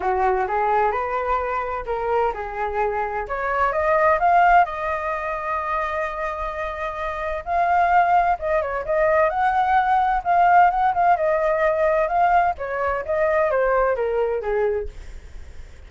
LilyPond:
\new Staff \with { instrumentName = "flute" } { \time 4/4 \tempo 4 = 129 fis'4 gis'4 b'2 | ais'4 gis'2 cis''4 | dis''4 f''4 dis''2~ | dis''1 |
f''2 dis''8 cis''8 dis''4 | fis''2 f''4 fis''8 f''8 | dis''2 f''4 cis''4 | dis''4 c''4 ais'4 gis'4 | }